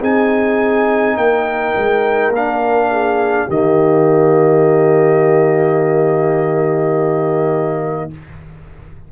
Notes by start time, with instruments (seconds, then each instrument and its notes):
0.00 tuba C4, trombone D#4, horn G#4, trumpet G#5
1.16 tuba A#3, horn A#4, trumpet G5
1.76 tuba G#3
2.29 tuba A#3
2.35 trombone D4, trumpet F5
2.91 horn G#4
3.47 tuba D#3, trombone A#3, horn G4, trumpet D#5